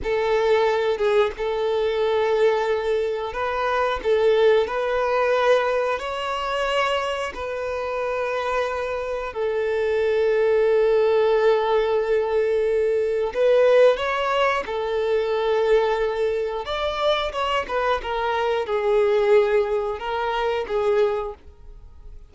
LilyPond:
\new Staff \with { instrumentName = "violin" } { \time 4/4 \tempo 4 = 90 a'4. gis'8 a'2~ | a'4 b'4 a'4 b'4~ | b'4 cis''2 b'4~ | b'2 a'2~ |
a'1 | b'4 cis''4 a'2~ | a'4 d''4 cis''8 b'8 ais'4 | gis'2 ais'4 gis'4 | }